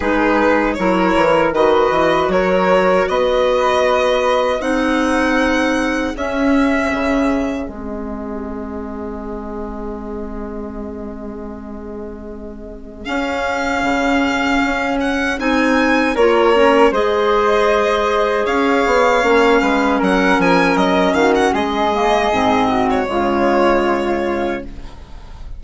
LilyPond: <<
  \new Staff \with { instrumentName = "violin" } { \time 4/4 \tempo 4 = 78 b'4 cis''4 dis''4 cis''4 | dis''2 fis''2 | e''2 dis''2~ | dis''1~ |
dis''4 f''2~ f''8 fis''8 | gis''4 cis''4 dis''2 | f''2 fis''8 gis''8 dis''8 f''16 fis''16 | dis''4.~ dis''16 cis''2~ cis''16 | }
  \new Staff \with { instrumentName = "flute" } { \time 4/4 gis'4 ais'4 b'4 ais'4 | b'2 gis'2~ | gis'1~ | gis'1~ |
gis'1~ | gis'4 ais'4 c''2 | cis''4. b'8 ais'4. fis'8 | gis'4. fis'8 f'2 | }
  \new Staff \with { instrumentName = "clarinet" } { \time 4/4 dis'4 e'4 fis'2~ | fis'2 dis'2 | cis'2 c'2~ | c'1~ |
c'4 cis'2. | dis'4 f'8 cis'8 gis'2~ | gis'4 cis'2.~ | cis'8 ais8 c'4 gis2 | }
  \new Staff \with { instrumentName = "bassoon" } { \time 4/4 gis4 fis8 e8 dis8 e8 fis4 | b2 c'2 | cis'4 cis4 gis2~ | gis1~ |
gis4 cis'4 cis4 cis'4 | c'4 ais4 gis2 | cis'8 b8 ais8 gis8 fis8 f8 fis8 dis8 | gis4 gis,4 cis2 | }
>>